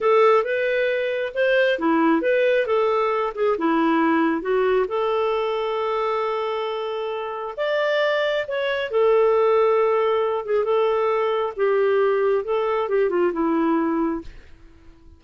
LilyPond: \new Staff \with { instrumentName = "clarinet" } { \time 4/4 \tempo 4 = 135 a'4 b'2 c''4 | e'4 b'4 a'4. gis'8 | e'2 fis'4 a'4~ | a'1~ |
a'4 d''2 cis''4 | a'2.~ a'8 gis'8 | a'2 g'2 | a'4 g'8 f'8 e'2 | }